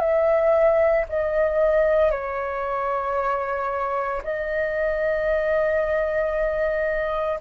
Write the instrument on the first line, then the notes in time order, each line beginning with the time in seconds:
flute
0.00 E5
1.10 D#5
2.11 C#5
4.24 D#5